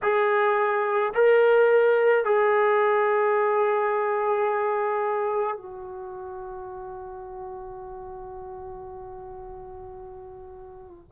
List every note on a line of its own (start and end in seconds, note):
0.02 1.13 G#4
1.14 2.24 A#4
2.24 5.56 G#4
5.56 11.12 F#4